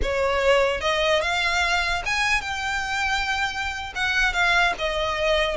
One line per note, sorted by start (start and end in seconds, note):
0.02 0.81 C#5
0.81 1.21 D#5
1.21 2.03 F5
2.05 2.41 G#5
2.41 3.93 G5
3.95 4.33 F#5
4.33 4.73 F5
4.78 5.56 D#5